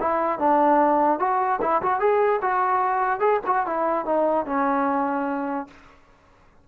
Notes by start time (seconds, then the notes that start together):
0.00 E4
0.39 D4
1.19 F#4
1.61 E4
1.82 F#4
2.00 G#4
2.41 F#4
3.20 G#4
3.46 F#4
3.66 E4
4.05 D#4
4.46 C#4